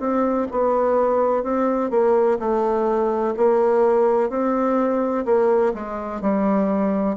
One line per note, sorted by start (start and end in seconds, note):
0.00 0.48 C4
0.52 1.43 B3
1.43 1.90 C4
1.90 2.38 A#3
2.39 3.35 A3
3.37 4.30 A#3
4.30 5.25 C4
5.26 5.73 A#3
5.74 6.22 G#3
6.22 7.17 G3